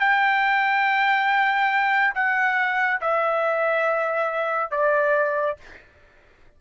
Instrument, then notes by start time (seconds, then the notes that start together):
trumpet
0.00 G5
2.15 F#5
3.02 E5
4.71 D5